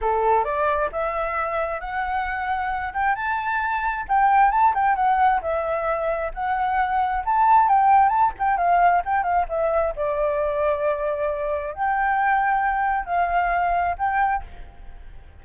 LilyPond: \new Staff \with { instrumentName = "flute" } { \time 4/4 \tempo 4 = 133 a'4 d''4 e''2 | fis''2~ fis''8 g''8 a''4~ | a''4 g''4 a''8 g''8 fis''4 | e''2 fis''2 |
a''4 g''4 a''8 g''8 f''4 | g''8 f''8 e''4 d''2~ | d''2 g''2~ | g''4 f''2 g''4 | }